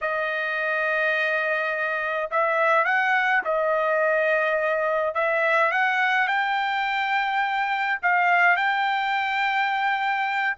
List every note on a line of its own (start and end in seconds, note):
0.01 2.30 D#5
2.30 2.84 E5
2.84 3.42 F#5
3.44 5.14 D#5
5.14 5.71 E5
5.71 6.27 F#5
6.27 7.99 G5
8.02 8.56 F5
8.56 10.56 G5